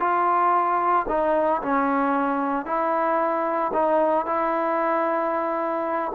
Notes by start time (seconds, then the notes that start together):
0.00 F4
1.09 D#4
1.62 C#4
2.65 E4
3.73 D#4
4.26 E4